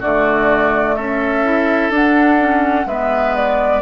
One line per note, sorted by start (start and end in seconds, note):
0.00 0.97 D3
0.00 1.45 A3
0.00 0.95 F#4
0.00 0.96 D5
0.96 1.90 C#4
0.96 2.87 A4
0.96 1.91 E5
1.45 1.92 E4
1.90 2.86 D4
1.90 2.39 D4
1.90 2.88 F#5
2.39 2.87 C#4
2.86 3.82 G#3
2.86 3.82 B3
2.86 3.82 B4
2.86 3.35 E5
3.36 3.82 D5